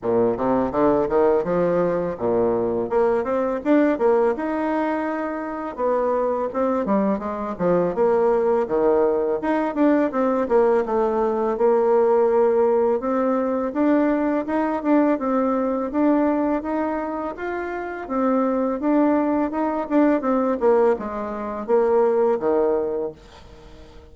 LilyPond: \new Staff \with { instrumentName = "bassoon" } { \time 4/4 \tempo 4 = 83 ais,8 c8 d8 dis8 f4 ais,4 | ais8 c'8 d'8 ais8 dis'2 | b4 c'8 g8 gis8 f8 ais4 | dis4 dis'8 d'8 c'8 ais8 a4 |
ais2 c'4 d'4 | dis'8 d'8 c'4 d'4 dis'4 | f'4 c'4 d'4 dis'8 d'8 | c'8 ais8 gis4 ais4 dis4 | }